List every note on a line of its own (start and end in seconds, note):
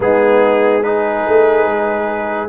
0.00 1.25 G#3
0.00 0.82 B3
0.00 0.84 D#4
0.00 0.83 G#4
0.82 2.48 D#4
0.82 2.48 G#4
0.82 2.48 B4
1.27 1.66 A3
1.66 2.48 G#3